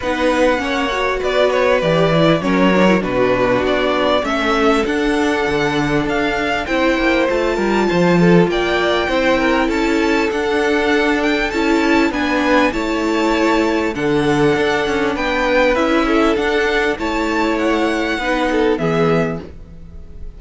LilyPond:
<<
  \new Staff \with { instrumentName = "violin" } { \time 4/4 \tempo 4 = 99 fis''2 d''8 cis''8 d''4 | cis''4 b'4 d''4 e''4 | fis''2 f''4 g''4 | a''2 g''2 |
a''4 fis''4. g''8 a''4 | gis''4 a''2 fis''4~ | fis''4 g''4 e''4 fis''4 | a''4 fis''2 e''4 | }
  \new Staff \with { instrumentName = "violin" } { \time 4/4 b'4 cis''4 b'2 | ais'4 fis'2 a'4~ | a'2. c''4~ | c''8 ais'8 c''8 a'8 d''4 c''8 ais'8 |
a'1 | b'4 cis''2 a'4~ | a'4 b'4. a'4. | cis''2 b'8 a'8 gis'4 | }
  \new Staff \with { instrumentName = "viola" } { \time 4/4 dis'4 cis'8 fis'4. g'8 e'8 | cis'8 d'16 e'16 d'2 cis'4 | d'2. e'4 | f'2. e'4~ |
e'4 d'2 e'4 | d'4 e'2 d'4~ | d'2 e'4 d'4 | e'2 dis'4 b4 | }
  \new Staff \with { instrumentName = "cello" } { \time 4/4 b4 ais4 b4 e4 | fis4 b,4 b4 a4 | d'4 d4 d'4 c'8 ais8 | a8 g8 f4 ais4 c'4 |
cis'4 d'2 cis'4 | b4 a2 d4 | d'8 cis'8 b4 cis'4 d'4 | a2 b4 e4 | }
>>